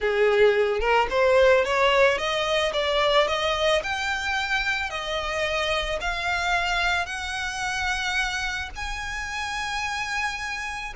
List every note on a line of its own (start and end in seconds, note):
0.00 0.80 G#4
0.80 1.07 A#4
1.10 1.64 C5
1.64 2.18 C#5
2.18 2.72 D#5
2.73 3.27 D5
3.27 3.82 D#5
3.83 4.89 G5
4.89 5.99 D#5
6.00 7.06 F5
7.06 8.69 F#5
8.75 10.93 G#5